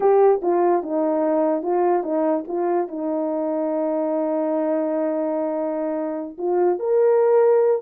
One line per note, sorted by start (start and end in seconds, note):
0.00 0.41 G4
0.41 0.83 F4
0.83 1.62 D#4
1.62 2.03 F4
2.03 2.44 D#4
2.47 2.88 F4
2.88 6.37 D#4
6.38 6.79 F4
6.79 7.82 A#4